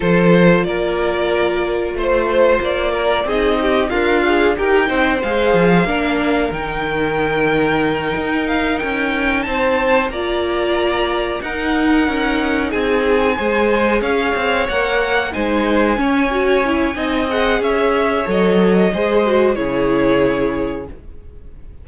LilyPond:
<<
  \new Staff \with { instrumentName = "violin" } { \time 4/4 \tempo 4 = 92 c''4 d''2 c''4 | d''4 dis''4 f''4 g''4 | f''2 g''2~ | g''4 f''8 g''4 a''4 ais''8~ |
ais''4. fis''2 gis''8~ | gis''4. f''4 fis''4 gis''8~ | gis''2~ gis''8 fis''8 e''4 | dis''2 cis''2 | }
  \new Staff \with { instrumentName = "violin" } { \time 4/4 a'4 ais'2 c''4~ | c''8 ais'8 gis'8 g'8 f'4 ais'8 c''8~ | c''4 ais'2.~ | ais'2~ ais'8 c''4 d''8~ |
d''4. ais'2 gis'8~ | gis'8 c''4 cis''2 c''8~ | c''8 cis''4. dis''4 cis''4~ | cis''4 c''4 gis'2 | }
  \new Staff \with { instrumentName = "viola" } { \time 4/4 f'1~ | f'4 dis'4 ais'8 gis'8 g'8 dis'8 | gis'4 d'4 dis'2~ | dis'2.~ dis'8 f'8~ |
f'4. dis'2~ dis'8~ | dis'8 gis'2 ais'4 dis'8~ | dis'8 cis'8 fis'8 e'8 dis'8 gis'4. | a'4 gis'8 fis'8 e'2 | }
  \new Staff \with { instrumentName = "cello" } { \time 4/4 f4 ais2 a4 | ais4 c'4 d'4 dis'8 c'8 | gis8 f8 ais4 dis2~ | dis8 dis'4 cis'4 c'4 ais8~ |
ais4. dis'4 cis'4 c'8~ | c'8 gis4 cis'8 c'8 ais4 gis8~ | gis8 cis'4. c'4 cis'4 | fis4 gis4 cis2 | }
>>